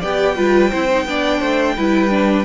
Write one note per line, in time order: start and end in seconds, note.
0.00 0.38 B3
0.00 0.36 G4
0.00 0.35 D5
0.00 2.45 G5
0.36 0.73 G3
0.36 0.71 F4
0.36 0.71 B4
0.71 1.05 C4
0.71 0.90 E4
0.71 1.06 C5
0.90 1.08 D#4
1.05 1.40 B3
1.05 1.78 D4
1.05 1.40 D5
1.40 1.77 A3
1.40 1.75 C5
1.76 2.45 G3
1.76 2.10 E4
1.76 2.45 B4
2.10 2.45 D4